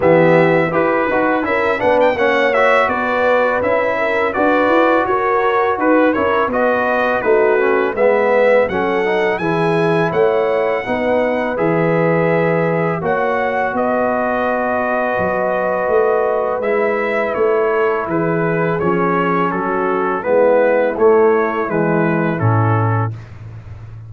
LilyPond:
<<
  \new Staff \with { instrumentName = "trumpet" } { \time 4/4 \tempo 4 = 83 e''4 b'4 e''8 fis''16 g''16 fis''8 e''8 | d''4 e''4 d''4 cis''4 | b'8 cis''8 dis''4 b'4 e''4 | fis''4 gis''4 fis''2 |
e''2 fis''4 dis''4~ | dis''2. e''4 | cis''4 b'4 cis''4 a'4 | b'4 cis''4 b'4 a'4 | }
  \new Staff \with { instrumentName = "horn" } { \time 4/4 g'4 b'4 ais'8 b'8 cis''4 | b'4. ais'8 b'4 ais'4 | b'8 ais'8 b'4 fis'4 b'4 | a'4 gis'4 cis''4 b'4~ |
b'2 cis''4 b'4~ | b'1~ | b'8 a'8 gis'2 fis'4 | e'1 | }
  \new Staff \with { instrumentName = "trombone" } { \time 4/4 b4 g'8 fis'8 e'8 d'8 cis'8 fis'8~ | fis'4 e'4 fis'2~ | fis'8 e'8 fis'4 dis'8 cis'8 b4 | cis'8 dis'8 e'2 dis'4 |
gis'2 fis'2~ | fis'2. e'4~ | e'2 cis'2 | b4 a4 gis4 cis'4 | }
  \new Staff \with { instrumentName = "tuba" } { \time 4/4 e4 e'8 dis'8 cis'8 b8 ais4 | b4 cis'4 d'8 e'8 fis'4 | dis'8 cis'8 b4 a4 gis4 | fis4 e4 a4 b4 |
e2 ais4 b4~ | b4 fis4 a4 gis4 | a4 e4 f4 fis4 | gis4 a4 e4 a,4 | }
>>